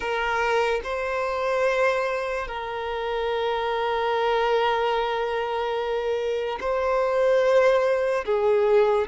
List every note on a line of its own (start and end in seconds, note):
0.00 0.80 A#4
0.83 2.47 C5
2.47 6.58 A#4
6.60 8.24 C5
8.25 9.07 G#4